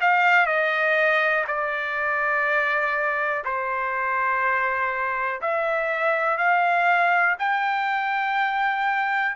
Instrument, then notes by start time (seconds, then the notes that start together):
trumpet
0.00 F5
0.46 D#5
1.47 D5
3.44 C5
5.41 E5
6.37 F5
7.39 G5